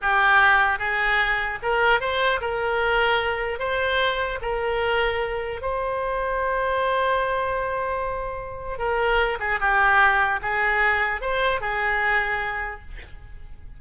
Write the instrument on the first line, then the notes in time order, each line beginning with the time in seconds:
oboe
0.01 G4
0.79 G#4
1.62 A#4
2.00 C5
2.40 A#4
3.59 C5
4.41 A#4
5.61 C5
8.78 A#4
9.39 G#4
9.60 G4
10.41 G#4
11.21 C5
11.60 G#4